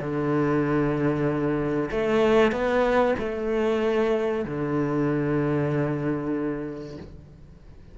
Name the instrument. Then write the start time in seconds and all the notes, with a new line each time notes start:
cello
0.00 D3
1.91 A3
2.52 B3
3.19 A3
4.45 D3